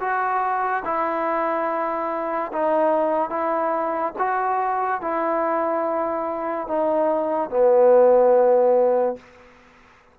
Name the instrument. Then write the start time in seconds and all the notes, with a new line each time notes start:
trombone
0.00 F#4
0.85 E4
2.53 D#4
3.30 E4
4.19 F#4
5.01 E4
6.67 D#4
7.50 B3